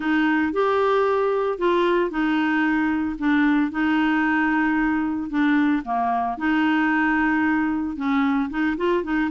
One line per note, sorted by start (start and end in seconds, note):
0.00 0.52 D#4
0.52 1.58 G4
1.58 2.10 F4
2.10 3.16 D#4
3.19 3.71 D4
3.71 5.30 D#4
5.30 5.83 D4
5.85 6.37 A#3
6.37 7.96 D#4
7.96 8.49 C#4
8.50 8.76 D#4
8.77 9.03 F4
9.03 9.30 D#4